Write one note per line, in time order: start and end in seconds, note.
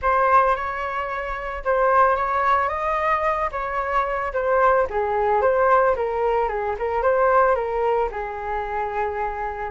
0.01 0.55 C5
0.55 1.63 C#5
1.64 2.16 C5
2.16 2.68 C#5
2.68 3.49 D#5
3.51 4.32 C#5
4.33 4.87 C5
4.89 5.41 G#4
5.41 5.95 C5
5.96 6.48 A#4
6.48 6.75 G#4
6.78 7.02 A#4
7.02 7.55 C5
7.55 8.09 A#4
8.11 9.71 G#4